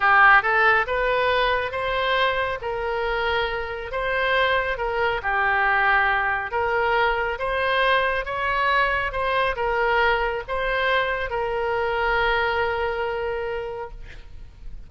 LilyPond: \new Staff \with { instrumentName = "oboe" } { \time 4/4 \tempo 4 = 138 g'4 a'4 b'2 | c''2 ais'2~ | ais'4 c''2 ais'4 | g'2. ais'4~ |
ais'4 c''2 cis''4~ | cis''4 c''4 ais'2 | c''2 ais'2~ | ais'1 | }